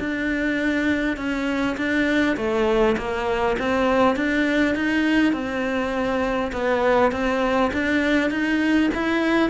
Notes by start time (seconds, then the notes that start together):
0.00 D4
1.17 C#4
1.77 D4
2.37 A3
2.98 A#3
3.59 C4
4.16 D4
4.75 D#4
5.33 C4
6.53 B3
7.12 C4
7.73 D4
8.31 D#4
8.95 E4